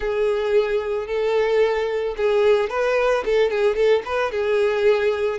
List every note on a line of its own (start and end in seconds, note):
0.00 1.07 G#4
1.07 2.15 A4
2.16 2.69 G#4
2.69 3.23 B4
3.25 3.50 A4
3.50 3.75 G#4
3.75 4.02 A4
4.05 4.31 B4
4.31 5.38 G#4